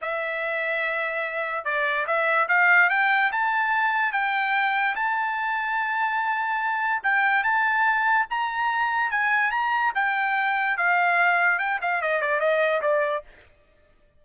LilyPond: \new Staff \with { instrumentName = "trumpet" } { \time 4/4 \tempo 4 = 145 e''1 | d''4 e''4 f''4 g''4 | a''2 g''2 | a''1~ |
a''4 g''4 a''2 | ais''2 gis''4 ais''4 | g''2 f''2 | g''8 f''8 dis''8 d''8 dis''4 d''4 | }